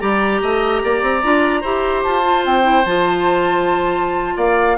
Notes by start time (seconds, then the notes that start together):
0.00 G3 G4 D5 A#5
0.42 A3 D#5
0.84 A#3 D5
1.03 C4
1.23 D4 F4
1.62 E4 G4 C5
2.04 F4 A5
2.24 F4
2.46 C4 G5
2.63 E4
2.86 F3 F4 A5
4.37 A#3 D5 F5